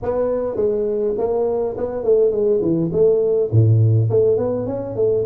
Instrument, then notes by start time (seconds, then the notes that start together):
tuba
0.02 B3
0.56 G#3
1.18 A#3
1.77 B3
2.03 A3
2.31 G#3
2.61 E3
2.92 A3
3.51 A2
4.09 A3
4.37 B3
4.66 C#4
4.95 A3